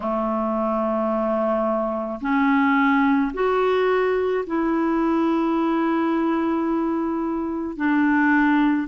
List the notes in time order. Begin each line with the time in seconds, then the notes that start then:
0.00 A3
2.20 C#4
3.33 F#4
4.46 E4
7.76 D4